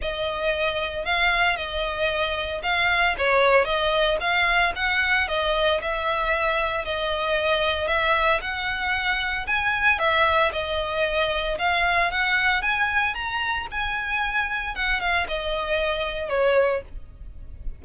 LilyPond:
\new Staff \with { instrumentName = "violin" } { \time 4/4 \tempo 4 = 114 dis''2 f''4 dis''4~ | dis''4 f''4 cis''4 dis''4 | f''4 fis''4 dis''4 e''4~ | e''4 dis''2 e''4 |
fis''2 gis''4 e''4 | dis''2 f''4 fis''4 | gis''4 ais''4 gis''2 | fis''8 f''8 dis''2 cis''4 | }